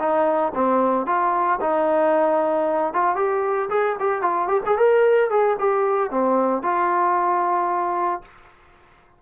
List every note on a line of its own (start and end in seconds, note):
0.00 0.53 D#4
0.55 1.07 C4
1.07 1.60 F4
1.61 2.94 D#4
2.94 3.16 F4
3.16 3.69 G4
3.70 3.97 G#4
4.00 4.22 G4
4.22 4.48 F4
4.48 4.61 G4
4.66 4.78 G#4
4.78 5.30 A#4
5.30 5.57 G#4
5.59 6.11 G4
6.11 6.63 C4
6.63 8.22 F4